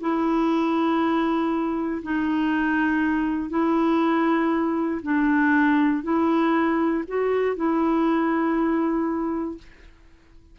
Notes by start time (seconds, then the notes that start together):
0.00 E4
2.02 D#4
3.50 E4
5.02 D4
6.03 E4
7.07 F#4
7.56 E4